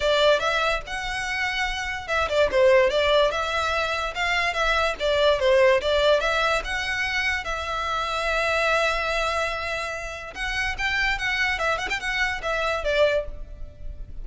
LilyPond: \new Staff \with { instrumentName = "violin" } { \time 4/4 \tempo 4 = 145 d''4 e''4 fis''2~ | fis''4 e''8 d''8 c''4 d''4 | e''2 f''4 e''4 | d''4 c''4 d''4 e''4 |
fis''2 e''2~ | e''1~ | e''4 fis''4 g''4 fis''4 | e''8 fis''16 g''16 fis''4 e''4 d''4 | }